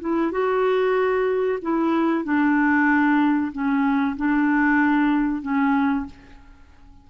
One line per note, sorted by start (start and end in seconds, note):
0.00 0.31 E4
0.31 1.59 F#4
1.62 2.24 E4
2.24 3.52 D4
3.52 4.16 C#4
4.17 5.42 D4
5.42 6.06 C#4